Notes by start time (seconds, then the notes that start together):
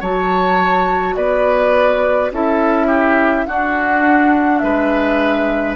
0.00 F#3 F#4 C#5 A5
1.15 B3 B4 D5
2.31 C#4 E4 A4 E5
2.87 G4
3.46 D4 F#4 F#5
4.59 G#3 B4 E5